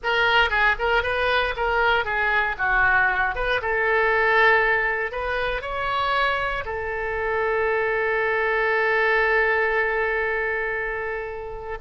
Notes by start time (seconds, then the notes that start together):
0.03 A#4
0.50 G#4
0.79 A#4
1.03 B4
1.56 A#4
2.04 G#4
2.58 F#4
3.34 B4
3.61 A4
5.11 B4
5.61 C#5
6.65 A4